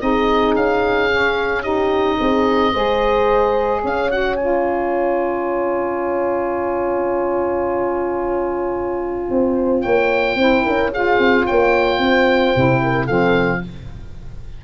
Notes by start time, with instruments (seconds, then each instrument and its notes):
0.00 tuba C4, saxophone D#4, horn G#4, oboe D#5
0.55 tuba C#4, oboe F5
1.11 saxophone C#4
1.63 saxophone D#4, horn G4, oboe D#5
2.20 tuba C4, horn G#4
2.73 tuba G#3, saxophone G#4, horn C5
3.83 tuba C#4, horn C#5, oboe F5
4.10 saxophone F#4, oboe F#5
4.37 saxophone F4, oboe G#5
9.31 tuba C4, horn C5
9.82 tuba A#3, horn C#5, oboe G5
10.36 tuba C4, saxophone E4, horn C5
10.65 tuba C#4, horn A#4
10.92 saxophone F4, horn G#4, oboe F5
11.19 tuba C4
11.46 tuba A#3, horn C#5, oboe G5
11.99 tuba C4, horn C5
12.56 tuba C3, saxophone E4
12.83 horn A#4
13.06 tuba F3, saxophone C4, horn A4, oboe F5